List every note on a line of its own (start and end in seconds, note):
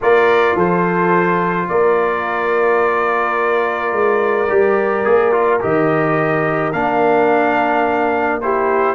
0.01 0.55 A#3
0.01 4.48 F4
0.01 0.56 A#4
0.01 0.58 D5
0.55 1.67 F3
0.55 1.68 A4
0.55 1.68 C5
1.68 3.92 A#3
1.68 8.43 A#4
1.68 5.60 D5
3.92 4.48 G#3
4.48 5.05 G3
4.48 5.04 G4
5.04 5.62 A#3
5.04 5.32 G#4
5.32 5.60 F4
5.60 6.73 D#3
5.60 6.72 G4
5.60 6.72 D#5
6.72 8.95 A#3
6.72 8.41 D4
6.72 8.40 F5
8.41 8.95 E4
8.41 8.95 G4
8.41 8.95 C5